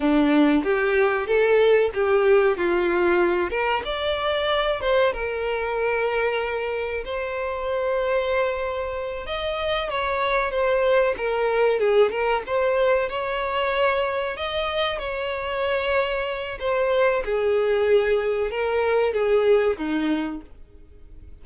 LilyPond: \new Staff \with { instrumentName = "violin" } { \time 4/4 \tempo 4 = 94 d'4 g'4 a'4 g'4 | f'4. ais'8 d''4. c''8 | ais'2. c''4~ | c''2~ c''8 dis''4 cis''8~ |
cis''8 c''4 ais'4 gis'8 ais'8 c''8~ | c''8 cis''2 dis''4 cis''8~ | cis''2 c''4 gis'4~ | gis'4 ais'4 gis'4 dis'4 | }